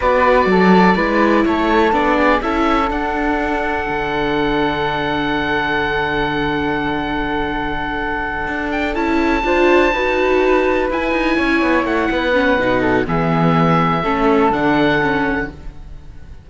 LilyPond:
<<
  \new Staff \with { instrumentName = "oboe" } { \time 4/4 \tempo 4 = 124 d''2. cis''4 | d''4 e''4 fis''2~ | fis''1~ | fis''1~ |
fis''2 g''8 a''4.~ | a''2~ a''8 gis''4.~ | gis''8 fis''2~ fis''8 e''4~ | e''2 fis''2 | }
  \new Staff \with { instrumentName = "flute" } { \time 4/4 b'4 a'4 b'4 a'4~ | a'8 gis'8 a'2.~ | a'1~ | a'1~ |
a'2.~ a'8 c''8~ | c''8 b'2. cis''8~ | cis''4 b'4. a'8 gis'4~ | gis'4 a'2. | }
  \new Staff \with { instrumentName = "viola" } { \time 4/4 fis'2 e'2 | d'4 e'4 d'2~ | d'1~ | d'1~ |
d'2~ d'8 e'4 f'8~ | f'8 fis'2 e'4.~ | e'4. cis'8 dis'4 b4~ | b4 cis'4 d'4 cis'4 | }
  \new Staff \with { instrumentName = "cello" } { \time 4/4 b4 fis4 gis4 a4 | b4 cis'4 d'2 | d1~ | d1~ |
d4. d'4 cis'4 d'8~ | d'8 dis'2 e'8 dis'8 cis'8 | b8 a8 b4 b,4 e4~ | e4 a4 d2 | }
>>